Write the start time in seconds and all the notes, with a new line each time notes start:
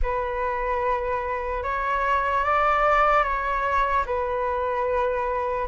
0.02 B4
1.63 C#5
2.44 D5
3.23 C#5
4.05 B4